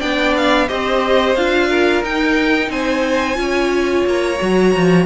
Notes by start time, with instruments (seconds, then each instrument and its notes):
0.00 cello B3, viola D4, violin D5 G5
0.37 violin F5
0.68 cello C4, viola G4, violin C5 D#5
1.36 cello D4, viola F4, violin F5
1.69 violin A#4
2.04 cello D#4, viola D#4, violin G5
2.70 cello C4, violin C5 G#5
3.35 cello C#4, viola F4, violin C#5
4.06 cello A#3, violin A#5
4.41 cello F#3, viola F#4
4.76 cello F3